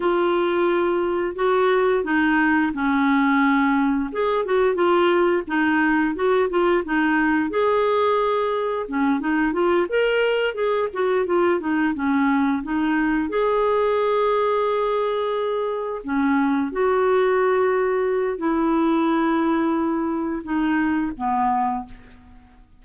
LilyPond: \new Staff \with { instrumentName = "clarinet" } { \time 4/4 \tempo 4 = 88 f'2 fis'4 dis'4 | cis'2 gis'8 fis'8 f'4 | dis'4 fis'8 f'8 dis'4 gis'4~ | gis'4 cis'8 dis'8 f'8 ais'4 gis'8 |
fis'8 f'8 dis'8 cis'4 dis'4 gis'8~ | gis'2.~ gis'8 cis'8~ | cis'8 fis'2~ fis'8 e'4~ | e'2 dis'4 b4 | }